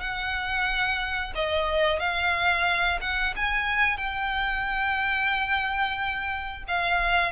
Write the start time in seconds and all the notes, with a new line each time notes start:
0.00 F#5
1.35 D#5
1.99 F5
3.01 F#5
3.36 G#5
3.97 G5
6.68 F5